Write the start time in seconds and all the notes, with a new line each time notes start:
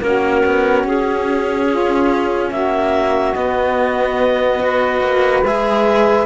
0.00 A#3 C#4 F#4 A#4
0.45 B3
0.84 C#4 G#4
1.70 F4
2.51 A#3 F#4 E5
3.34 B3 D#5
4.60 F#4 B4
5.01 A#3
5.43 G#3 G#4 E5